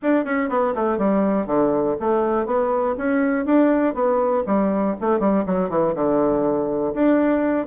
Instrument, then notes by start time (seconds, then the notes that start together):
bassoon
0.02 D4
0.24 C#4
0.49 B3
0.75 A3
0.98 G3
1.46 D3
2.00 A3
2.45 B3
2.97 C#4
3.45 D4
3.94 B3
4.46 G3
5.00 A3
5.19 G3
5.45 F#3
5.69 E3
5.94 D3
6.94 D4